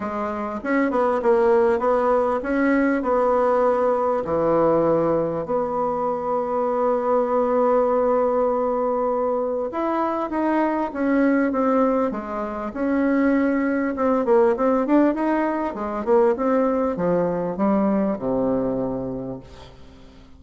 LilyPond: \new Staff \with { instrumentName = "bassoon" } { \time 4/4 \tempo 4 = 99 gis4 cis'8 b8 ais4 b4 | cis'4 b2 e4~ | e4 b2.~ | b1 |
e'4 dis'4 cis'4 c'4 | gis4 cis'2 c'8 ais8 | c'8 d'8 dis'4 gis8 ais8 c'4 | f4 g4 c2 | }